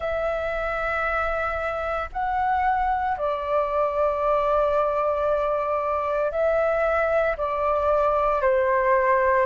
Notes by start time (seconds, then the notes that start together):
0.00 E5
2.12 F#5
3.17 D5
6.31 E5
7.37 D5
8.41 C5